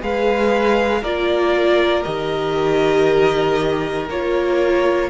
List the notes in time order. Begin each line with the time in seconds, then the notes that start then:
0.00 G#3 G#4 B4 F5
1.02 A#3 F4 A#4 D5
2.04 D#3 G4 D#5
4.10 A#3 F4 C#5